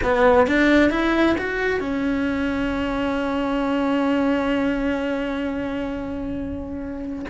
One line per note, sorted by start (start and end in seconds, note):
0.02 0.47 B3
0.47 0.90 D4
0.90 1.36 E4
1.38 1.80 F#4
1.80 7.25 C#4